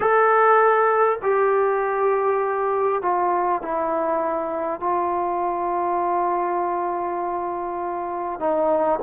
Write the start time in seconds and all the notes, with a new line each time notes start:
0.00 A4
1.22 G4
3.02 F4
3.62 E4
4.79 F4
8.39 D#4